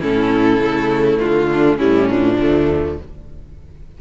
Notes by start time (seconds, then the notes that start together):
0.00 A2 C#4 E4 A4
0.59 C#3 A3
1.19 D3 F4
1.51 D4
1.77 A2 G3 C#4 E4
2.09 F3 D4
2.39 D2 A3